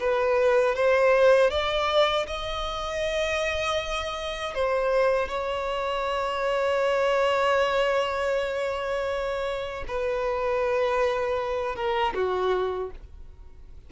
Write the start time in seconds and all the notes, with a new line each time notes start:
0.00 B4
0.76 C5
1.51 D5
2.27 D#5
4.55 C5
5.29 C#5
9.88 B4
11.76 A#4
12.15 F#4